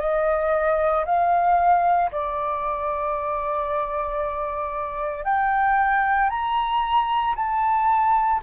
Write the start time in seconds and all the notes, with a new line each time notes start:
0.00 D#5
1.06 F5
2.12 D5
5.25 G5
6.30 A#5
7.36 A5